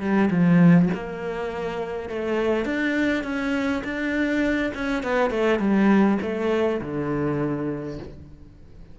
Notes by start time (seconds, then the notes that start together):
0.00 G3
0.30 F3
0.94 A#3
2.09 A3
2.65 D4
3.23 C#4
3.84 D4
4.74 C#4
5.03 B3
5.30 A3
5.59 G3
6.22 A3
6.81 D3